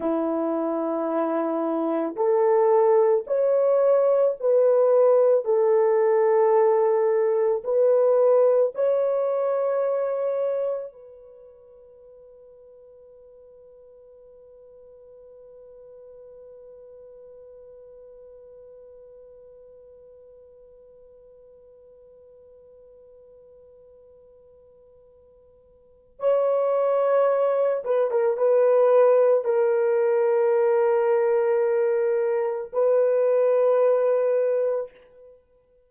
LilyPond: \new Staff \with { instrumentName = "horn" } { \time 4/4 \tempo 4 = 55 e'2 a'4 cis''4 | b'4 a'2 b'4 | cis''2 b'2~ | b'1~ |
b'1~ | b'1 | cis''4. b'16 ais'16 b'4 ais'4~ | ais'2 b'2 | }